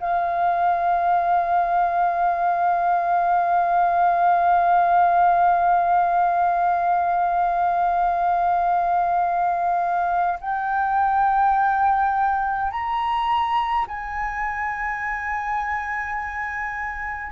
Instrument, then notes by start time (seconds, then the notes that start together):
flute
0.00 F5
10.41 G5
12.71 A#5
13.88 G#5